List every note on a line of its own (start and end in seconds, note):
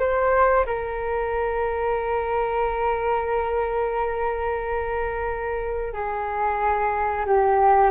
0.00 0.66 C5
0.66 5.94 A#4
5.94 7.26 G#4
7.26 7.91 G4